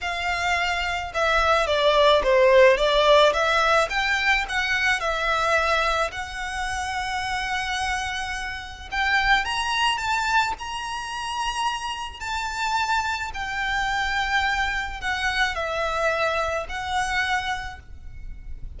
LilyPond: \new Staff \with { instrumentName = "violin" } { \time 4/4 \tempo 4 = 108 f''2 e''4 d''4 | c''4 d''4 e''4 g''4 | fis''4 e''2 fis''4~ | fis''1 |
g''4 ais''4 a''4 ais''4~ | ais''2 a''2 | g''2. fis''4 | e''2 fis''2 | }